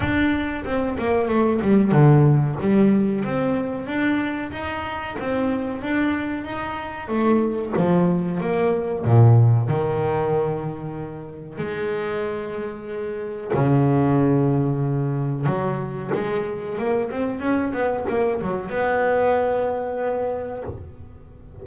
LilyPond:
\new Staff \with { instrumentName = "double bass" } { \time 4/4 \tempo 4 = 93 d'4 c'8 ais8 a8 g8 d4 | g4 c'4 d'4 dis'4 | c'4 d'4 dis'4 a4 | f4 ais4 ais,4 dis4~ |
dis2 gis2~ | gis4 cis2. | fis4 gis4 ais8 c'8 cis'8 b8 | ais8 fis8 b2. | }